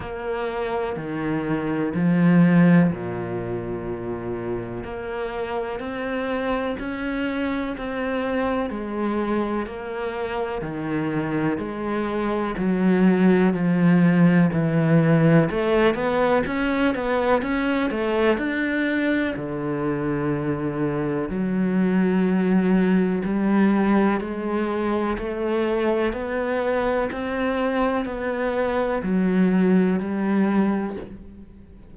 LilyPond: \new Staff \with { instrumentName = "cello" } { \time 4/4 \tempo 4 = 62 ais4 dis4 f4 ais,4~ | ais,4 ais4 c'4 cis'4 | c'4 gis4 ais4 dis4 | gis4 fis4 f4 e4 |
a8 b8 cis'8 b8 cis'8 a8 d'4 | d2 fis2 | g4 gis4 a4 b4 | c'4 b4 fis4 g4 | }